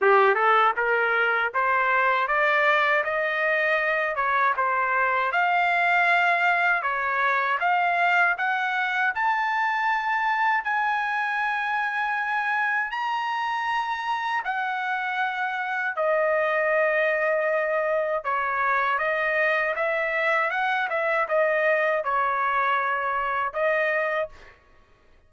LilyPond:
\new Staff \with { instrumentName = "trumpet" } { \time 4/4 \tempo 4 = 79 g'8 a'8 ais'4 c''4 d''4 | dis''4. cis''8 c''4 f''4~ | f''4 cis''4 f''4 fis''4 | a''2 gis''2~ |
gis''4 ais''2 fis''4~ | fis''4 dis''2. | cis''4 dis''4 e''4 fis''8 e''8 | dis''4 cis''2 dis''4 | }